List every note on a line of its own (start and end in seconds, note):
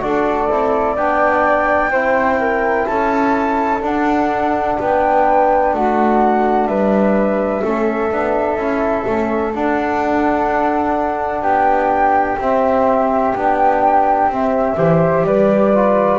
0.00 0.48 D4
0.00 0.48 F#4
0.00 0.94 A4
0.00 0.96 D5
0.48 0.96 C4
0.48 0.97 E4
0.94 1.90 B3
0.94 1.92 D4
0.94 1.89 D5
0.94 2.85 G5
1.90 2.85 C4
1.90 3.81 E4
1.90 2.38 C5
2.39 2.86 A#4
2.85 3.82 C#4
2.85 4.79 A4
2.85 3.81 A5
3.81 7.62 D4
3.81 4.77 D4
3.81 4.79 F#5
4.79 5.73 B3
4.79 5.73 B4
4.79 5.75 G5
5.73 6.66 A3
5.73 6.68 F#4
5.73 6.67 F#5
6.66 7.62 G3
6.66 7.62 B4
6.66 9.53 E5
7.62 8.12 A3
7.62 8.11 C#4
7.62 11.42 A4
8.11 8.56 B3
8.11 8.58 D4
8.56 9.03 C#4
8.56 9.06 E4
9.07 9.54 A3
9.07 9.53 C#4
9.53 12.38 D4
9.53 11.42 D4
9.53 11.43 F#5
11.42 12.37 B3
11.42 14.75 G4
11.42 12.38 G5
12.38 13.33 C4
12.38 13.36 C4
12.38 13.36 E5
13.35 14.27 B3
13.35 14.31 D4
13.35 14.32 G5
14.27 14.75 C4
14.27 14.76 C4
14.27 15.25 E5
14.76 15.24 E3
14.76 15.71 G4
14.76 15.25 C5
15.24 16.18 G3
15.24 16.18 B4
15.24 16.18 D5
15.74 16.18 F4